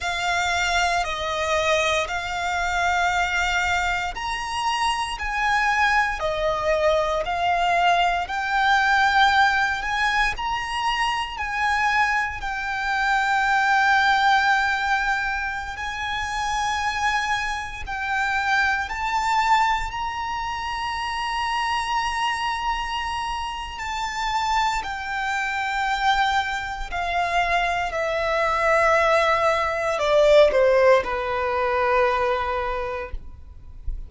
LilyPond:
\new Staff \with { instrumentName = "violin" } { \time 4/4 \tempo 4 = 58 f''4 dis''4 f''2 | ais''4 gis''4 dis''4 f''4 | g''4. gis''8 ais''4 gis''4 | g''2.~ g''16 gis''8.~ |
gis''4~ gis''16 g''4 a''4 ais''8.~ | ais''2. a''4 | g''2 f''4 e''4~ | e''4 d''8 c''8 b'2 | }